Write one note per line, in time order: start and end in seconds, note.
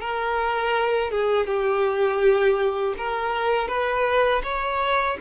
0.00 1.10 A#4
1.10 1.46 G#4
1.46 2.95 G4
2.98 3.68 A#4
3.68 4.42 B4
4.43 5.17 C#5